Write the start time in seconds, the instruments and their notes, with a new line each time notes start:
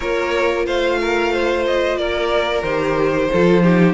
0.00 cello A#3, viola F4, violin A#4 C#5
0.66 cello A3, violin C5 F5
1.00 violin A#4
1.32 violin C5
1.66 violin D#5
1.96 cello A#3, violin A#4 D5
2.62 cello D#3, viola G4, violin C5
3.31 cello F3, viola F4, violin A4
3.63 viola D#4, violin G4